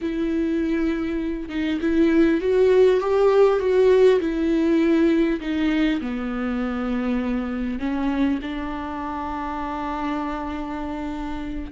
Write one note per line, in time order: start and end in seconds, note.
0.01 1.49 E4
1.49 1.79 D#4
1.81 2.40 E4
2.40 3.00 F#4
3.00 3.59 G4
3.59 4.19 F#4
4.20 5.40 E4
5.40 6.00 D#4
6.01 7.79 B3
7.79 8.39 C#4
8.42 11.71 D4